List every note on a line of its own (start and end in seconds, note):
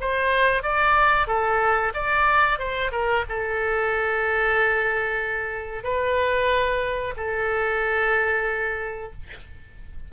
0.00 0.63 C5
0.63 1.27 D5
1.27 1.92 A4
1.94 2.58 D5
2.58 2.91 C5
2.91 3.24 A#4
3.28 5.83 A4
5.83 7.14 B4
7.16 9.12 A4